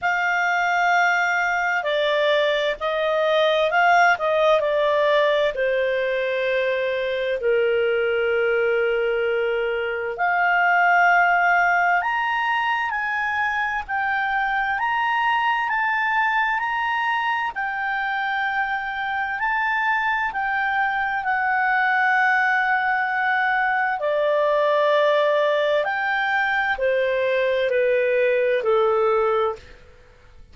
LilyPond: \new Staff \with { instrumentName = "clarinet" } { \time 4/4 \tempo 4 = 65 f''2 d''4 dis''4 | f''8 dis''8 d''4 c''2 | ais'2. f''4~ | f''4 ais''4 gis''4 g''4 |
ais''4 a''4 ais''4 g''4~ | g''4 a''4 g''4 fis''4~ | fis''2 d''2 | g''4 c''4 b'4 a'4 | }